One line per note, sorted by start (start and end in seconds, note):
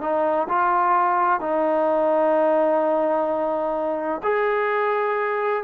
0.00 0.47 D#4
0.49 1.40 F4
1.40 4.21 D#4
4.23 5.63 G#4